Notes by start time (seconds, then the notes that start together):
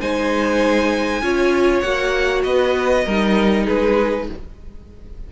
0.00 G#3 D#4 C5 G#5
1.21 C#4 F4 C#5
1.80 A#3 F#4 F#5
2.43 B3 B4 D#5
3.05 G3 D#4 A#4
3.65 G#3 G#4 B4